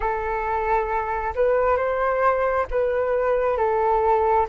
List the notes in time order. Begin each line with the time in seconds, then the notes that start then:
0.00 A4
1.35 B4
1.76 C5
2.70 B4
3.57 A4